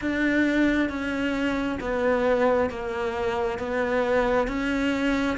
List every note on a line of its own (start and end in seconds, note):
0.01 0.89 D4
0.89 1.79 C#4
1.80 2.69 B3
2.69 3.58 A#3
3.58 4.47 B3
4.47 5.37 C#4